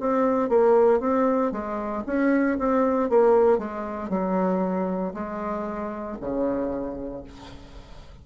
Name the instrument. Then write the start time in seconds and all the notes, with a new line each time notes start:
bassoon
0.00 C4
0.49 A#3
1.00 C4
1.52 G#3
2.06 C#4
2.59 C4
3.09 A#3
3.58 G#3
4.10 F#3
5.14 G#3
6.21 C#3